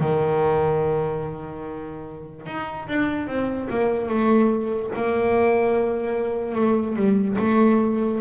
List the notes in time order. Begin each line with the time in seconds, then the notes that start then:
0.00 D#3
2.46 D#4
2.88 D4
3.27 C4
3.69 A#3
4.08 A3
4.95 A#3
6.55 A3
6.96 G3
7.39 A3